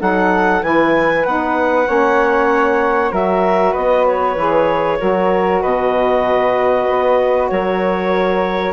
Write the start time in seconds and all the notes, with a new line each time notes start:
0.00 F#3 D#4 A4 F#5
0.63 E3 E4 B4 G#5
1.25 B3 D#4 F#5
1.86 A#3 C#4 C#5
3.11 F#3 F#4 A#4 E5
3.72 B3 B4 D#5
4.06 C#5
4.36 E3 G#4
4.99 F#3 F#4 A#4
5.62 B2 B4 D#5
6.90 B3
7.49 F#3 A#4 C#5